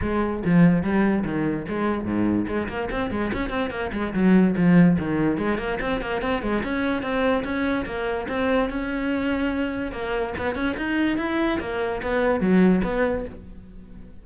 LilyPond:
\new Staff \with { instrumentName = "cello" } { \time 4/4 \tempo 4 = 145 gis4 f4 g4 dis4 | gis4 gis,4 gis8 ais8 c'8 gis8 | cis'8 c'8 ais8 gis8 fis4 f4 | dis4 gis8 ais8 c'8 ais8 c'8 gis8 |
cis'4 c'4 cis'4 ais4 | c'4 cis'2. | ais4 b8 cis'8 dis'4 e'4 | ais4 b4 fis4 b4 | }